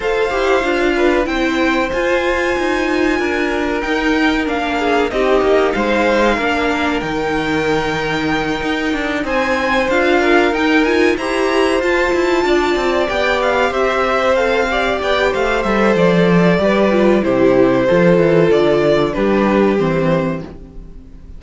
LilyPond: <<
  \new Staff \with { instrumentName = "violin" } { \time 4/4 \tempo 4 = 94 f''2 g''4 gis''4~ | gis''2 g''4 f''4 | dis''4 f''2 g''4~ | g''2~ g''8 gis''4 f''8~ |
f''8 g''8 gis''8 ais''4 a''4.~ | a''8 g''8 f''8 e''4 f''4 g''8 | f''8 e''8 d''2 c''4~ | c''4 d''4 b'4 c''4 | }
  \new Staff \with { instrumentName = "violin" } { \time 4/4 c''4. b'8 c''2~ | c''4 ais'2~ ais'8 gis'8 | g'4 c''4 ais'2~ | ais'2~ ais'8 c''4. |
ais'4. c''2 d''8~ | d''4. c''4. d''4 | c''2 b'4 g'4 | a'2 g'2 | }
  \new Staff \with { instrumentName = "viola" } { \time 4/4 a'8 g'8 f'4 e'4 f'4~ | f'2 dis'4 d'4 | dis'2 d'4 dis'4~ | dis'2.~ dis'8 f'8~ |
f'8 dis'8 f'8 g'4 f'4.~ | f'8 g'2 a'8 g'4~ | g'8 a'4. g'8 f'8 e'4 | f'2 d'4 c'4 | }
  \new Staff \with { instrumentName = "cello" } { \time 4/4 f'8 e'8 d'4 c'4 f'4 | dis'4 d'4 dis'4 ais4 | c'8 ais8 gis4 ais4 dis4~ | dis4. dis'8 d'8 c'4 d'8~ |
d'8 dis'4 e'4 f'8 e'8 d'8 | c'8 b4 c'2 b8 | a8 g8 f4 g4 c4 | f8 e8 d4 g4 e4 | }
>>